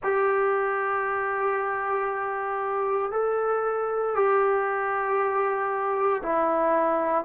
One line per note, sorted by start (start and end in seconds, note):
0.03 3.11 G4
3.11 4.15 A4
4.15 6.22 G4
6.23 7.24 E4